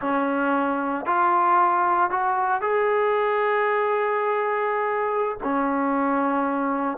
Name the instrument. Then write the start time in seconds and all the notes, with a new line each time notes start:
trombone
0.01 C#4
1.05 F4
2.10 F#4
2.61 G#4
5.43 C#4